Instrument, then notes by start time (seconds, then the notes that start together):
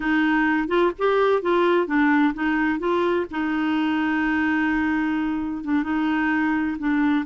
clarinet
0.00 D#4
0.68 F4
0.98 G4
1.41 F4
1.86 D4
2.34 D#4
2.79 F4
3.30 D#4
5.64 D4
5.83 D#4
6.78 D4